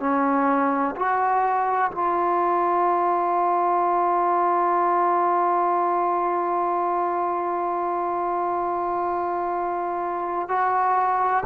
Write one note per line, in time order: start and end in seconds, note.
0.00 0.95 C#4
0.96 1.91 F#4
1.92 10.48 F4
10.48 11.44 F#4